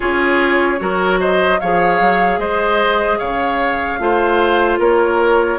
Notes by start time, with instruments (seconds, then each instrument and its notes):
0.00 bassoon C#4, clarinet F4, oboe G#4, flute C#5
0.78 bassoon F#3, clarinet F#4, oboe A#4
1.20 oboe C5, flute D#5
1.59 bassoon F3, clarinet G#4, oboe C#5, flute F5
2.00 bassoon F#3
2.38 bassoon G#3, oboe C5, flute D#5
3.18 bassoon C#3, oboe C#5, flute F5
3.99 bassoon A3, clarinet F4, oboe C5
4.78 bassoon A#3, oboe A#4, flute C#5